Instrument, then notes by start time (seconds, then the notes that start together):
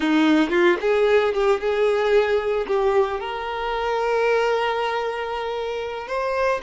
violin
0.00 D#4
0.50 F4
0.80 G#4
1.34 G4
1.60 G#4
2.67 G4
3.20 A#4
6.07 C5